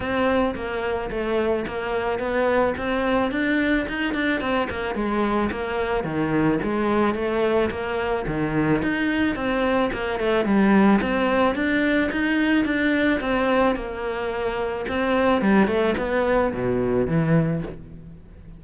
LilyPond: \new Staff \with { instrumentName = "cello" } { \time 4/4 \tempo 4 = 109 c'4 ais4 a4 ais4 | b4 c'4 d'4 dis'8 d'8 | c'8 ais8 gis4 ais4 dis4 | gis4 a4 ais4 dis4 |
dis'4 c'4 ais8 a8 g4 | c'4 d'4 dis'4 d'4 | c'4 ais2 c'4 | g8 a8 b4 b,4 e4 | }